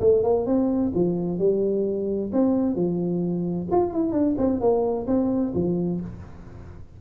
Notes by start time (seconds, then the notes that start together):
0.00 A3
0.23 A#3
0.46 C4
0.94 F3
1.38 G3
2.32 C4
2.75 F3
3.71 F4
3.93 E4
4.12 D4
4.38 C4
4.60 A#3
5.07 C4
5.54 F3